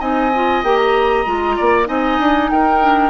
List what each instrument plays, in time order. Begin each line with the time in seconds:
0.00 bassoon C4, clarinet D#4, oboe D#5, flute G#5
0.35 clarinet F4
0.64 bassoon A#3, clarinet G4, flute G5
0.77 flute A#5
1.27 bassoon G#3, clarinet F4
1.57 bassoon A#3, oboe D5
1.85 bassoon C4, clarinet D#4, oboe D#5, flute G#5
2.19 bassoon D4
2.50 bassoon D#4, oboe A#4, flute G5
2.81 clarinet D4